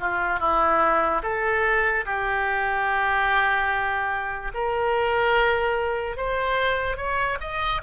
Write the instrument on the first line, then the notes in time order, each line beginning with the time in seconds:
oboe
0.00 F4
0.40 E4
1.23 A4
2.05 G4
4.54 A#4
6.17 C5
6.97 C#5
7.40 D#5